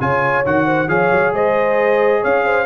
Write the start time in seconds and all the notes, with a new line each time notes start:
0.00 C#3 F4 C#5 G#5
0.45 D#3 F#4 F#5
0.66 C5
0.88 F3 G#4 C#5 F5
1.11 F#3
1.32 G#3 C5 D#5
2.21 C#4 C#5 F5
2.44 C5